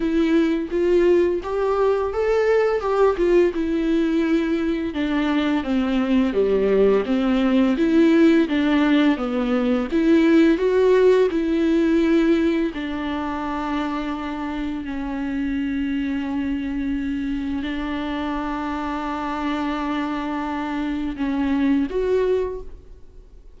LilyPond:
\new Staff \with { instrumentName = "viola" } { \time 4/4 \tempo 4 = 85 e'4 f'4 g'4 a'4 | g'8 f'8 e'2 d'4 | c'4 g4 c'4 e'4 | d'4 b4 e'4 fis'4 |
e'2 d'2~ | d'4 cis'2.~ | cis'4 d'2.~ | d'2 cis'4 fis'4 | }